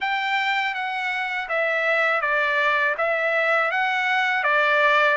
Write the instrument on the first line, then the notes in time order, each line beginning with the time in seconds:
trumpet
0.00 G5
0.74 F#5
1.48 E5
2.21 D5
2.97 E5
3.71 F#5
4.43 D5